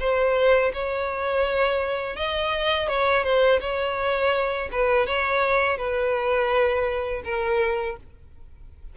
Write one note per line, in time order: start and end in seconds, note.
0.00 0.72 C5
0.74 2.17 C#5
2.17 2.89 D#5
2.89 3.24 C#5
3.24 3.60 C5
3.61 4.70 C#5
4.73 5.07 B4
5.07 5.78 C#5
5.78 7.23 B4
7.25 7.97 A#4